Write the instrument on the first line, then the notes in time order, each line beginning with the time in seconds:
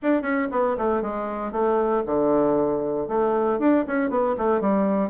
bassoon
0.02 D4
0.22 C#4
0.51 B3
0.77 A3
1.02 G#3
1.52 A3
2.05 D3
3.08 A3
3.59 D4
3.87 C#4
4.10 B3
4.37 A3
4.60 G3